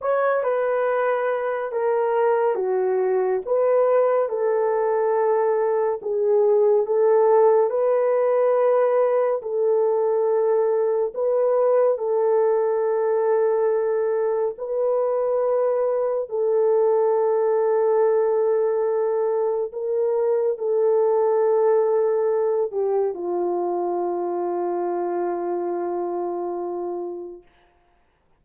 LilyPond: \new Staff \with { instrumentName = "horn" } { \time 4/4 \tempo 4 = 70 cis''8 b'4. ais'4 fis'4 | b'4 a'2 gis'4 | a'4 b'2 a'4~ | a'4 b'4 a'2~ |
a'4 b'2 a'4~ | a'2. ais'4 | a'2~ a'8 g'8 f'4~ | f'1 | }